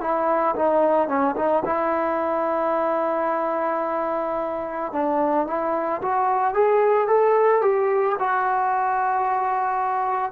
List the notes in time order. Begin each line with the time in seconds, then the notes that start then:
0.00 E4
0.56 D#4
1.08 C#4
1.36 D#4
1.65 E4
4.92 D4
5.46 E4
6.01 F#4
6.54 G#4
7.08 A4
7.62 G4
8.19 F#4